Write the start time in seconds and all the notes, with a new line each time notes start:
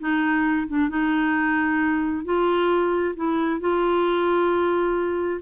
0.00 D#4
0.68 D4
0.90 D#4
2.25 F4
3.17 E4
3.61 F4